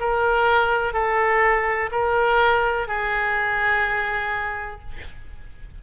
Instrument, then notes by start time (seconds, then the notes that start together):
oboe
0.00 A#4
0.93 A4
1.91 A#4
2.87 G#4